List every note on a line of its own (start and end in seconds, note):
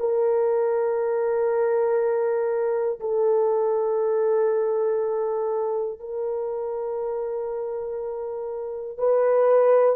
0.00 3.00 A#4
3.00 6.00 A4
6.00 8.98 A#4
8.98 9.96 B4